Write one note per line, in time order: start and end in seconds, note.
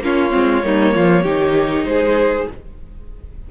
0.00 0.31 A#3
0.00 0.31 C#4
0.00 0.66 F4
0.00 1.85 C#5
0.31 0.64 G#3
0.31 0.61 C4
0.64 0.95 G3
0.64 1.25 A#3
0.64 0.95 D#4
0.95 1.25 F3
0.95 1.23 F4
1.23 1.85 D#3
1.23 2.49 D#4
1.23 1.85 G4
1.85 2.47 G#3
1.85 2.51 G#4
1.85 2.47 C5